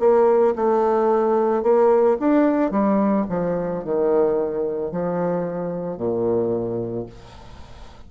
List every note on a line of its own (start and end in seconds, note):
0.00 0.55 A#3
0.56 1.63 A3
1.63 2.18 A#3
2.20 2.71 D4
2.71 3.26 G3
3.30 3.84 F3
3.84 4.92 D#3
4.92 5.98 F3
5.98 7.07 A#2